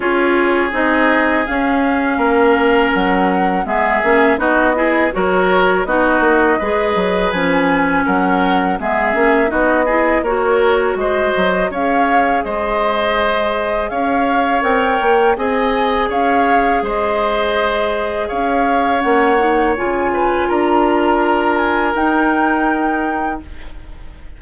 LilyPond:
<<
  \new Staff \with { instrumentName = "flute" } { \time 4/4 \tempo 4 = 82 cis''4 dis''4 f''2 | fis''4 e''4 dis''4 cis''4 | dis''2 gis''4 fis''4 | e''4 dis''4 cis''4 dis''4 |
f''4 dis''2 f''4 | g''4 gis''4 f''4 dis''4~ | dis''4 f''4 fis''4 gis''4 | ais''4. gis''8 g''2 | }
  \new Staff \with { instrumentName = "oboe" } { \time 4/4 gis'2. ais'4~ | ais'4 gis'4 fis'8 gis'8 ais'4 | fis'4 b'2 ais'4 | gis'4 fis'8 gis'8 ais'4 c''4 |
cis''4 c''2 cis''4~ | cis''4 dis''4 cis''4 c''4~ | c''4 cis''2~ cis''8 b'8 | ais'1 | }
  \new Staff \with { instrumentName = "clarinet" } { \time 4/4 f'4 dis'4 cis'2~ | cis'4 b8 cis'8 dis'8 e'8 fis'4 | dis'4 gis'4 cis'2 | b8 cis'8 dis'8 e'8 fis'2 |
gis'1 | ais'4 gis'2.~ | gis'2 cis'8 dis'8 f'4~ | f'2 dis'2 | }
  \new Staff \with { instrumentName = "bassoon" } { \time 4/4 cis'4 c'4 cis'4 ais4 | fis4 gis8 ais8 b4 fis4 | b8 ais8 gis8 fis8 f4 fis4 | gis8 ais8 b4 ais4 gis8 fis8 |
cis'4 gis2 cis'4 | c'8 ais8 c'4 cis'4 gis4~ | gis4 cis'4 ais4 cis4 | d'2 dis'2 | }
>>